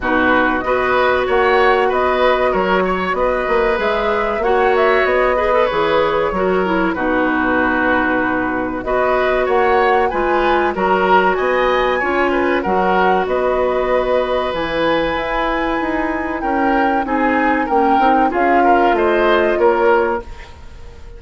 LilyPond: <<
  \new Staff \with { instrumentName = "flute" } { \time 4/4 \tempo 4 = 95 b'4 dis''4 fis''4 dis''4 | cis''4 dis''4 e''4 fis''8 e''8 | dis''4 cis''2 b'4~ | b'2 dis''4 fis''4 |
gis''4 ais''4 gis''2 | fis''4 dis''2 gis''4~ | gis''2 g''4 gis''4 | g''4 f''4 dis''4 cis''4 | }
  \new Staff \with { instrumentName = "oboe" } { \time 4/4 fis'4 b'4 cis''4 b'4 | ais'8 cis''8 b'2 cis''4~ | cis''8 b'4. ais'4 fis'4~ | fis'2 b'4 cis''4 |
b'4 ais'4 dis''4 cis''8 b'8 | ais'4 b'2.~ | b'2 ais'4 gis'4 | ais'4 gis'8 ais'8 c''4 ais'4 | }
  \new Staff \with { instrumentName = "clarinet" } { \time 4/4 dis'4 fis'2.~ | fis'2 gis'4 fis'4~ | fis'8 gis'16 a'16 gis'4 fis'8 e'8 dis'4~ | dis'2 fis'2 |
f'4 fis'2 f'4 | fis'2. e'4~ | e'2. dis'4 | cis'8 dis'8 f'2. | }
  \new Staff \with { instrumentName = "bassoon" } { \time 4/4 b,4 b4 ais4 b4 | fis4 b8 ais8 gis4 ais4 | b4 e4 fis4 b,4~ | b,2 b4 ais4 |
gis4 fis4 b4 cis'4 | fis4 b2 e4 | e'4 dis'4 cis'4 c'4 | ais8 c'8 cis'4 a4 ais4 | }
>>